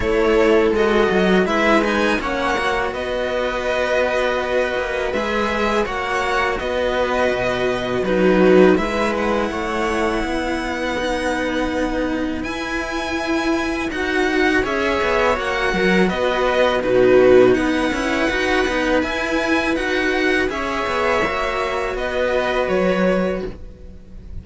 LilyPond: <<
  \new Staff \with { instrumentName = "violin" } { \time 4/4 \tempo 4 = 82 cis''4 dis''4 e''8 gis''8 fis''4 | dis''2. e''4 | fis''4 dis''2 b'4 | e''8 fis''2.~ fis''8~ |
fis''4 gis''2 fis''4 | e''4 fis''4 dis''4 b'4 | fis''2 gis''4 fis''4 | e''2 dis''4 cis''4 | }
  \new Staff \with { instrumentName = "viola" } { \time 4/4 a'2 b'4 cis''4 | b'1 | cis''4 b'2 fis'4 | b'4 cis''4 b'2~ |
b'1 | cis''4. ais'8 b'4 fis'4 | b'1 | cis''2 b'2 | }
  \new Staff \with { instrumentName = "cello" } { \time 4/4 e'4 fis'4 e'8 dis'8 cis'8 fis'8~ | fis'2. gis'4 | fis'2. dis'4 | e'2. dis'4~ |
dis'4 e'2 fis'4 | gis'4 fis'2 dis'4~ | dis'8 e'8 fis'8 dis'8 e'4 fis'4 | gis'4 fis'2. | }
  \new Staff \with { instrumentName = "cello" } { \time 4/4 a4 gis8 fis8 gis4 ais4 | b2~ b8 ais8 gis4 | ais4 b4 b,4 fis4 | gis4 a4 b2~ |
b4 e'2 dis'4 | cis'8 b8 ais8 fis8 b4 b,4 | b8 cis'8 dis'8 b8 e'4 dis'4 | cis'8 b8 ais4 b4 fis4 | }
>>